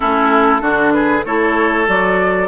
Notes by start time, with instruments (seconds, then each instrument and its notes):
0.00 bassoon A3, clarinet C#4, oboe E4, flute A4
0.60 bassoon D3, clarinet D4, oboe F#4
0.92 oboe G#4, flute B4
1.25 bassoon A3, clarinet E4, oboe A4, flute C#5
1.86 bassoon F#3, clarinet F#4, flute D5